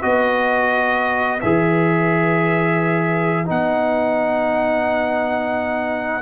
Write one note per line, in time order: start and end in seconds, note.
0.00 1.42 B3
0.00 1.40 F#4
0.00 6.21 B4
0.00 1.40 D#5
1.40 3.49 E3
1.40 3.45 G#4
1.40 3.47 E5
3.45 6.22 B3
3.45 6.21 D#4
3.45 6.22 F#5